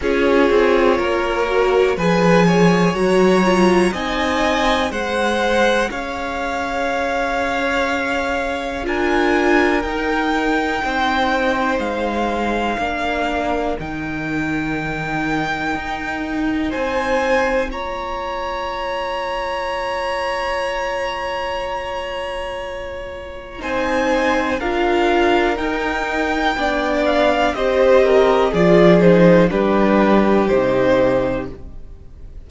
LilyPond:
<<
  \new Staff \with { instrumentName = "violin" } { \time 4/4 \tempo 4 = 61 cis''2 gis''4 ais''4 | gis''4 fis''4 f''2~ | f''4 gis''4 g''2 | f''2 g''2~ |
g''4 gis''4 ais''2~ | ais''1 | gis''4 f''4 g''4. f''8 | dis''4 d''8 c''8 b'4 c''4 | }
  \new Staff \with { instrumentName = "violin" } { \time 4/4 gis'4 ais'4 b'8 cis''4. | dis''4 c''4 cis''2~ | cis''4 ais'2 c''4~ | c''4 ais'2.~ |
ais'4 c''4 cis''2~ | cis''1 | c''4 ais'2 d''4 | c''8 ais'8 gis'4 g'2 | }
  \new Staff \with { instrumentName = "viola" } { \time 4/4 f'4. fis'8 gis'4 fis'8 f'8 | dis'4 gis'2.~ | gis'4 f'4 dis'2~ | dis'4 d'4 dis'2~ |
dis'2 f'2~ | f'1 | dis'4 f'4 dis'4 d'4 | g'4 f'8 dis'8 d'4 dis'4 | }
  \new Staff \with { instrumentName = "cello" } { \time 4/4 cis'8 c'8 ais4 f4 fis4 | c'4 gis4 cis'2~ | cis'4 d'4 dis'4 c'4 | gis4 ais4 dis2 |
dis'4 c'4 ais2~ | ais1 | c'4 d'4 dis'4 b4 | c'4 f4 g4 c4 | }
>>